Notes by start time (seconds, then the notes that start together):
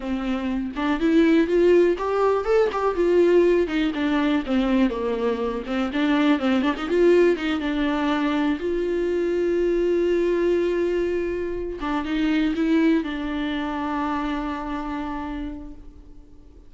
0.00 C4
0.76 D4
0.99 E4
1.47 F4
1.98 G4
2.45 A4
2.72 G4
2.95 F4
3.67 D#4
3.94 D4
4.46 C4
4.89 A#3
5.66 C4
5.92 D4
6.39 C4
6.62 D4
6.76 D#4
6.88 F4
7.36 D#4
7.60 D4
8.59 F4
11.80 D4
12.04 D#4
12.55 E4
13.03 D4